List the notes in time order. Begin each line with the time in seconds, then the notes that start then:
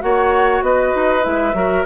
0.00 A#3 F#4 C#5 F#5
0.62 B3 B4 D#5
0.95 D#4
1.22 G#3 E4 E5
1.53 F#3 F#4 A#4